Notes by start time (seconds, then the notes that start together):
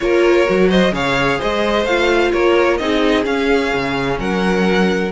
0.00 A#3 F4 A#4 C#5
0.45 F#3 F#4
0.68 C5 D#5
0.92 C#3 G#4 C#5 F5
1.38 G#3 C5 D#5
1.85 A3 F4 F5
2.32 A#3 A#4 C#5
2.77 C4 D#4 G#4 D#5
3.23 C#4 F5
3.73 C#3
4.19 F#3 A#4 F#5